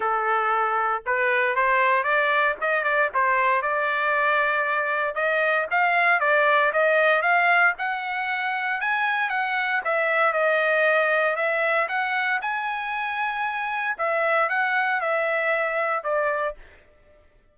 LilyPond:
\new Staff \with { instrumentName = "trumpet" } { \time 4/4 \tempo 4 = 116 a'2 b'4 c''4 | d''4 dis''8 d''8 c''4 d''4~ | d''2 dis''4 f''4 | d''4 dis''4 f''4 fis''4~ |
fis''4 gis''4 fis''4 e''4 | dis''2 e''4 fis''4 | gis''2. e''4 | fis''4 e''2 d''4 | }